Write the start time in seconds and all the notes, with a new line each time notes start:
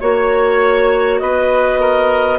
0.00 A#3 F#4 C#5
1.19 B3 B4 D#5
1.80 A#4